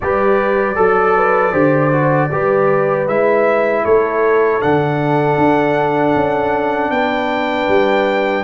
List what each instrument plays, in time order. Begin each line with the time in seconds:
0.00 tuba G3, trombone G4, horn B4, trumpet D5
0.75 tuba F#3, trombone A4, horn A4
1.16 horn B4
1.51 tuba D3, trombone G4, horn C5
1.91 trombone F#4
2.32 tuba G3, trombone G4, horn B4
3.06 tuba G#3, trombone E4, trumpet E5
3.84 tuba A3, horn A4, trumpet C#5
4.60 tuba D3, trombone D4, trumpet F#5
5.37 tuba D4
6.15 tuba C#4
6.90 tuba B3, horn B4, trumpet G5
7.68 tuba G3